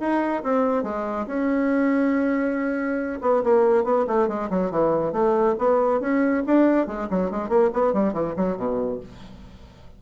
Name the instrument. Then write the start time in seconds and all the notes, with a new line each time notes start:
bassoon
0.00 D#4
0.43 C4
0.84 G#3
1.27 C#4
3.21 B3
3.44 A#3
3.84 B3
4.07 A3
4.28 G#3
4.50 F#3
4.71 E3
5.13 A3
5.58 B3
6.01 C#4
6.46 D4
6.87 G#3
7.10 F#3
7.31 G#3
7.49 A#3
7.74 B3
7.93 G3
8.13 E3
8.37 F#3
8.57 B2